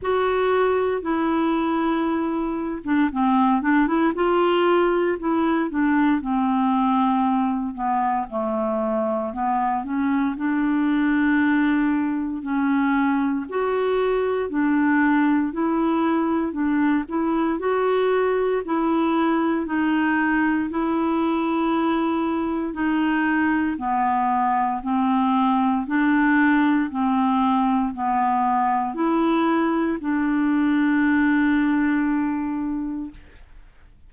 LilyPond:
\new Staff \with { instrumentName = "clarinet" } { \time 4/4 \tempo 4 = 58 fis'4 e'4.~ e'16 d'16 c'8 d'16 e'16 | f'4 e'8 d'8 c'4. b8 | a4 b8 cis'8 d'2 | cis'4 fis'4 d'4 e'4 |
d'8 e'8 fis'4 e'4 dis'4 | e'2 dis'4 b4 | c'4 d'4 c'4 b4 | e'4 d'2. | }